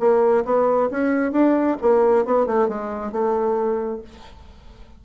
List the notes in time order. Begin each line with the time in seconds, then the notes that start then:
0.00 A#3
0.45 B3
0.91 C#4
1.32 D4
1.82 A#3
2.25 B3
2.47 A3
2.69 G#3
3.12 A3